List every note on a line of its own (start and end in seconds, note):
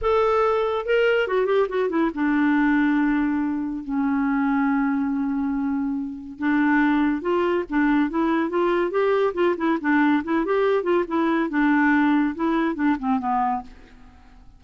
0.01 0.85 A4
0.85 1.27 A#4
1.27 1.46 F#4
1.46 1.67 G4
1.68 1.89 F#4
1.89 2.11 E4
2.14 3.83 D4
3.83 6.38 C#4
6.38 7.21 D4
7.21 7.64 F4
7.69 8.10 D4
8.10 8.49 E4
8.49 8.90 F4
8.90 9.33 G4
9.34 9.55 F4
9.57 9.78 E4
9.80 10.23 D4
10.23 10.45 E4
10.45 10.83 G4
10.83 11.04 F4
11.07 11.49 E4
11.49 12.34 D4
12.35 12.75 E4
12.75 12.96 D4
12.99 13.19 C4
13.19 13.62 B3